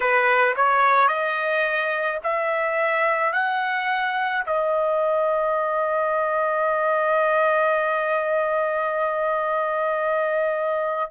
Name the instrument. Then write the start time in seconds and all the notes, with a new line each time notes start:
trumpet
0.00 B4
0.56 C#5
1.08 D#5
2.23 E5
3.32 F#5
4.45 D#5